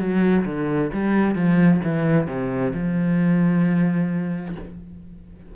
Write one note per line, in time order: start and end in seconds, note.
0.00 0.45 F#3
0.46 0.91 D3
0.93 1.36 G3
1.36 1.81 F3
1.84 2.28 E3
2.28 2.73 C3
2.74 4.56 F3